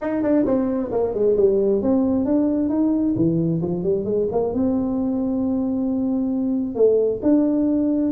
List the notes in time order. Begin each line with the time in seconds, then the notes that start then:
0.01 D#4
0.22 D4
0.45 C4
0.91 A#3
1.14 G#3
1.37 G3
1.81 C4
2.25 D4
2.69 D#4
3.16 E3
3.61 F3
3.83 G3
4.05 G#3
4.31 A#3
4.53 C4
6.75 A3
7.22 D4